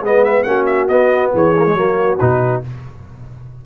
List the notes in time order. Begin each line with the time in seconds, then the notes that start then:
0.00 G#3 B3 B4 D#5
0.24 E5
0.43 A#3 C#4 F#4 F#5
0.66 E5
0.88 B3 D#5
1.34 E3 G#4 C#5
1.57 A#3
1.65 G#3
1.73 F#3 A#3 F#4
2.19 B2 D#4 B4